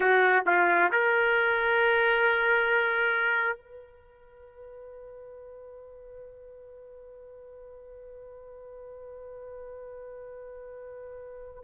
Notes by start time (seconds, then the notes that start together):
0.00 F#4
0.46 F4
0.92 A#4
3.57 B4